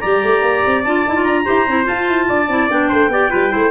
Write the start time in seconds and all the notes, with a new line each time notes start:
0.00 G3 G4 D5 A#5
0.24 A3
0.42 A#3
0.66 C4
0.83 D4 F4 A5
1.07 D#4 E4
1.15 F4
1.24 D4 A#5
1.45 E4 G4 C5
1.67 C4 E4
1.84 F4 A5
2.09 E4
2.29 D4 D5
2.48 C4 E4
2.70 B3 D4 G5
2.89 A3 C5
3.08 B3 G4 D5
3.29 G3 F4 B4
3.49 A3 E4 C5